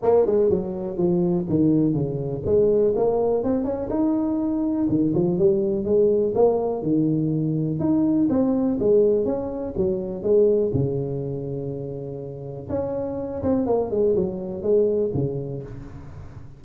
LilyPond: \new Staff \with { instrumentName = "tuba" } { \time 4/4 \tempo 4 = 123 ais8 gis8 fis4 f4 dis4 | cis4 gis4 ais4 c'8 cis'8 | dis'2 dis8 f8 g4 | gis4 ais4 dis2 |
dis'4 c'4 gis4 cis'4 | fis4 gis4 cis2~ | cis2 cis'4. c'8 | ais8 gis8 fis4 gis4 cis4 | }